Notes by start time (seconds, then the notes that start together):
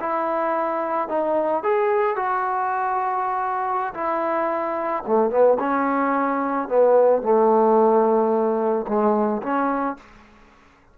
0.00 E4
1.09 D#4
1.63 G#4
2.16 F#4
3.94 E4
5.07 A3
5.30 B3
5.59 C#4
6.68 B3
7.23 A3
8.88 G#3
9.42 C#4